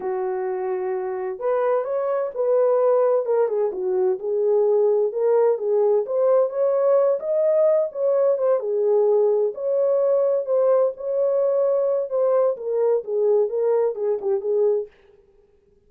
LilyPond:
\new Staff \with { instrumentName = "horn" } { \time 4/4 \tempo 4 = 129 fis'2. b'4 | cis''4 b'2 ais'8 gis'8 | fis'4 gis'2 ais'4 | gis'4 c''4 cis''4. dis''8~ |
dis''4 cis''4 c''8 gis'4.~ | gis'8 cis''2 c''4 cis''8~ | cis''2 c''4 ais'4 | gis'4 ais'4 gis'8 g'8 gis'4 | }